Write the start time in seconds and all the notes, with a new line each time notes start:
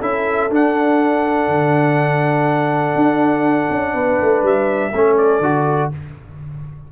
0.00 C#4 E4 A4 E5
0.49 D4 F#5
1.48 D3
2.95 D4
3.69 C#4
3.93 B3 B4
4.21 A3
4.42 G3 E5
4.93 A3 C#4 A4
5.17 D5
5.39 D3 F#4